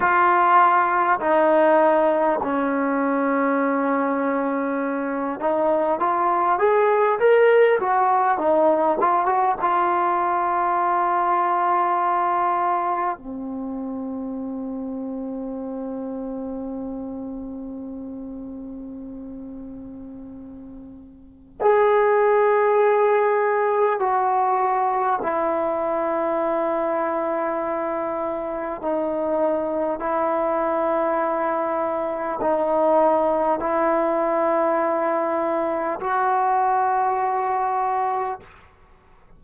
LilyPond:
\new Staff \with { instrumentName = "trombone" } { \time 4/4 \tempo 4 = 50 f'4 dis'4 cis'2~ | cis'8 dis'8 f'8 gis'8 ais'8 fis'8 dis'8 f'16 fis'16 | f'2. c'4~ | c'1~ |
c'2 gis'2 | fis'4 e'2. | dis'4 e'2 dis'4 | e'2 fis'2 | }